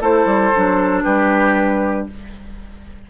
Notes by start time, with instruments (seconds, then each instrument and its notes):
0.00 bassoon A3, clarinet E4, oboe A4, flute C5
0.26 bassoon G3
0.55 bassoon F#3, clarinet D4
1.03 bassoon G3, oboe G4, flute B4